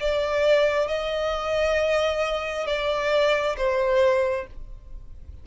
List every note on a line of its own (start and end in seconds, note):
0.00 0.88 D5
0.88 2.67 D#5
2.67 3.56 D5
3.57 4.47 C5